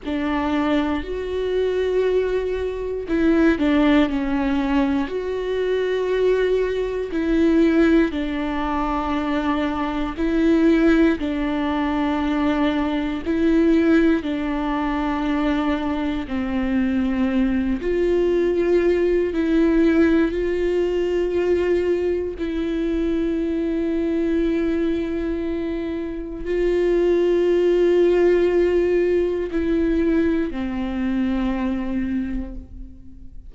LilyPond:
\new Staff \with { instrumentName = "viola" } { \time 4/4 \tempo 4 = 59 d'4 fis'2 e'8 d'8 | cis'4 fis'2 e'4 | d'2 e'4 d'4~ | d'4 e'4 d'2 |
c'4. f'4. e'4 | f'2 e'2~ | e'2 f'2~ | f'4 e'4 c'2 | }